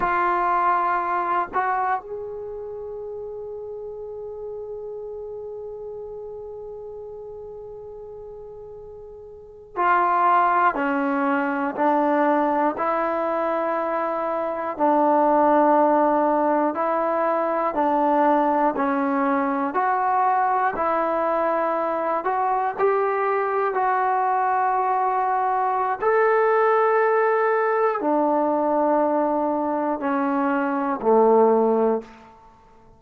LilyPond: \new Staff \with { instrumentName = "trombone" } { \time 4/4 \tempo 4 = 60 f'4. fis'8 gis'2~ | gis'1~ | gis'4.~ gis'16 f'4 cis'4 d'16~ | d'8. e'2 d'4~ d'16~ |
d'8. e'4 d'4 cis'4 fis'16~ | fis'8. e'4. fis'8 g'4 fis'16~ | fis'2 a'2 | d'2 cis'4 a4 | }